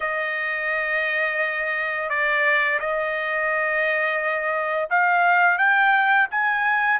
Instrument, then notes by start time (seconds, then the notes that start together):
trumpet
0.00 D#5
2.09 D5
2.79 D#5
4.90 F5
5.58 G5
6.30 G#5